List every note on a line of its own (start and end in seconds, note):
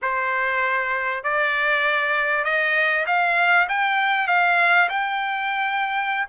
0.02 1.23 C5
1.23 2.44 D5
2.44 3.05 D#5
3.06 3.67 F5
3.68 4.27 G5
4.27 4.88 F5
4.89 6.26 G5